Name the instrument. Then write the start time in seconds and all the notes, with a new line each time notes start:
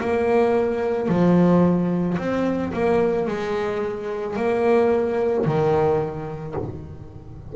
double bass
0.00 A#3
1.08 F3
2.18 C4
2.73 A#3
3.27 G#3
4.36 A#3
5.45 D#3